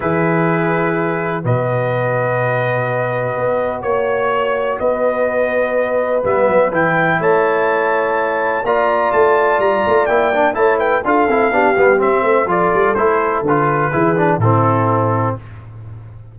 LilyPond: <<
  \new Staff \with { instrumentName = "trumpet" } { \time 4/4 \tempo 4 = 125 b'2. dis''4~ | dis''1 | cis''2 dis''2~ | dis''4 e''4 g''4 a''4~ |
a''2 ais''4 a''4 | ais''4 g''4 a''8 g''8 f''4~ | f''4 e''4 d''4 c''4 | b'2 a'2 | }
  \new Staff \with { instrumentName = "horn" } { \time 4/4 gis'2. b'4~ | b'1 | cis''2 b'2~ | b'2. cis''4~ |
cis''2 d''2~ | d''2 cis''8 b'8 a'4 | g'4. c''8 a'2~ | a'4 gis'4 e'2 | }
  \new Staff \with { instrumentName = "trombone" } { \time 4/4 e'2. fis'4~ | fis'1~ | fis'1~ | fis'4 b4 e'2~ |
e'2 f'2~ | f'4 e'8 d'8 e'4 f'8 e'8 | d'8 b8 c'4 f'4 e'4 | f'4 e'8 d'8 c'2 | }
  \new Staff \with { instrumentName = "tuba" } { \time 4/4 e2. b,4~ | b,2. b4 | ais2 b2~ | b4 g8 fis8 e4 a4~ |
a2 ais4 a4 | g8 a8 ais4 a4 d'8 c'8 | b8 g8 c'8 a8 f8 g8 a4 | d4 e4 a,2 | }
>>